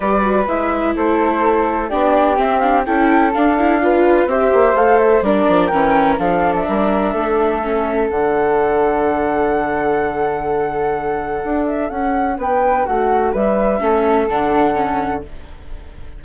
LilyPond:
<<
  \new Staff \with { instrumentName = "flute" } { \time 4/4 \tempo 4 = 126 d''4 e''4 c''2 | d''4 e''8 f''8 g''4 f''4~ | f''4 e''4 f''8 e''8 d''4 | g''4 f''8. e''2~ e''16~ |
e''4 fis''2.~ | fis''1~ | fis''8 e''8 fis''4 g''4 fis''4 | e''2 fis''2 | }
  \new Staff \with { instrumentName = "flute" } { \time 4/4 b'2 a'2 | g'2 a'2 | b'4 c''2 ais'4~ | ais'4 a'4 ais'4 a'4~ |
a'1~ | a'1~ | a'2 b'4 fis'4 | b'4 a'2. | }
  \new Staff \with { instrumentName = "viola" } { \time 4/4 g'8 fis'8 e'2. | d'4 c'8 d'8 e'4 d'8 e'8 | f'4 g'4 a'4 d'4 | cis'4 d'2. |
cis'4 d'2.~ | d'1~ | d'1~ | d'4 cis'4 d'4 cis'4 | }
  \new Staff \with { instrumentName = "bassoon" } { \time 4/4 g4 gis4 a2 | b4 c'4 cis'4 d'4~ | d'4 c'8 ais8 a4 g8 f8 | e4 f4 g4 a4~ |
a4 d2.~ | d1 | d'4 cis'4 b4 a4 | g4 a4 d2 | }
>>